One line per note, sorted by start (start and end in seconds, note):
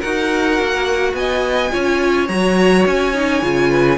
0.00 0.60 D#4
0.00 1.71 F#4
0.00 1.13 A#4
0.00 1.15 F#5
0.60 1.14 A#3
1.14 1.70 B3
1.14 1.73 D#5
1.14 2.28 G#5
1.71 2.29 C#4
1.71 2.27 F4
1.71 3.70 C#5
2.28 2.85 F#3
2.28 3.15 F#4
2.28 2.85 A#5
2.87 3.42 C#4
2.87 3.98 G#5
3.15 3.42 D#4
3.42 3.98 C#3
3.42 3.98 F4
3.70 3.98 B4